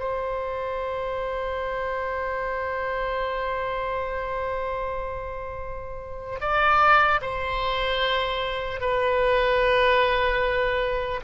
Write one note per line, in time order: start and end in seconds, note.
0.00 6.40 C5
6.41 7.21 D5
7.22 8.81 C5
8.81 11.21 B4